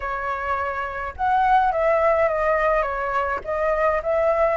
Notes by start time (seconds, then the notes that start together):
0.00 C#5
1.16 F#5
1.72 E5
2.28 D#5
2.82 C#5
3.44 D#5
4.02 E5